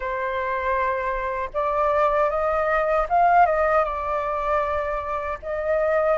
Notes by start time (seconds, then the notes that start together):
0.00 C5
1.53 D5
2.30 D#5
3.09 F5
3.46 D#5
3.84 D5
5.42 D#5